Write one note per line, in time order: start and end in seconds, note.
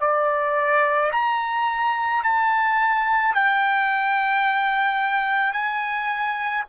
0.00 1.11 D5
1.12 2.23 A#5
2.23 3.34 A5
3.34 5.53 G5
5.53 6.64 G#5